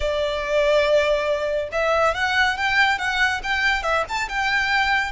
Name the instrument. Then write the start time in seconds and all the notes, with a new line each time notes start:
violin
0.00 D5
1.71 E5
2.14 F#5
2.57 G5
2.98 F#5
3.43 G5
3.83 E5
4.08 A5
4.28 G5